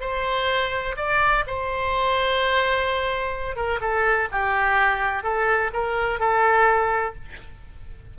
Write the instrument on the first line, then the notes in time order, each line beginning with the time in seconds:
oboe
0.00 C5
0.96 D5
1.47 C5
3.56 A#4
3.81 A4
4.31 G4
5.23 A4
5.73 A#4
6.19 A4